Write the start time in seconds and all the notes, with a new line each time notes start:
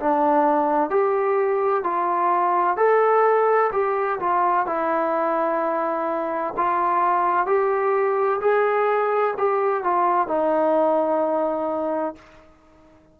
0.00 D4
0.90 G4
1.84 F4
2.77 A4
3.73 G4
4.20 F4
4.67 E4
6.57 F4
7.47 G4
8.41 G#4
9.38 G4
9.84 F4
10.28 D#4